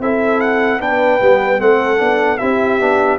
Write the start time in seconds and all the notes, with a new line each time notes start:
0.00 C4 E4 A4 E5
0.41 F#5
0.80 B3 D4 B4 G5
1.22 G3 B3
1.59 A3 C4 A4 F#5
1.98 B3 D4
2.38 C4 E4 G4 E5
2.80 B3 D4